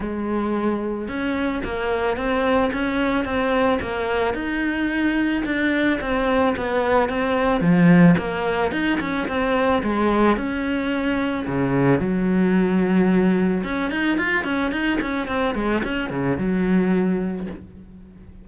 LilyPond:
\new Staff \with { instrumentName = "cello" } { \time 4/4 \tempo 4 = 110 gis2 cis'4 ais4 | c'4 cis'4 c'4 ais4 | dis'2 d'4 c'4 | b4 c'4 f4 ais4 |
dis'8 cis'8 c'4 gis4 cis'4~ | cis'4 cis4 fis2~ | fis4 cis'8 dis'8 f'8 cis'8 dis'8 cis'8 | c'8 gis8 cis'8 cis8 fis2 | }